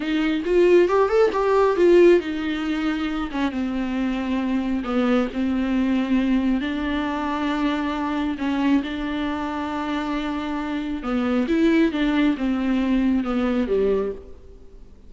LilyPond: \new Staff \with { instrumentName = "viola" } { \time 4/4 \tempo 4 = 136 dis'4 f'4 g'8 a'8 g'4 | f'4 dis'2~ dis'8 cis'8 | c'2. b4 | c'2. d'4~ |
d'2. cis'4 | d'1~ | d'4 b4 e'4 d'4 | c'2 b4 g4 | }